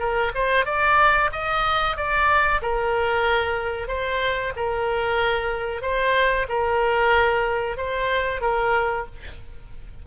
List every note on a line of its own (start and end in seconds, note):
0.00 0.32 A#4
0.35 0.66 C5
0.66 1.30 D5
1.33 1.97 D#5
1.97 2.62 D5
2.62 3.89 A#4
3.89 4.53 C5
4.57 5.82 A#4
5.82 6.47 C5
6.49 7.77 A#4
7.77 8.42 C5
8.42 9.06 A#4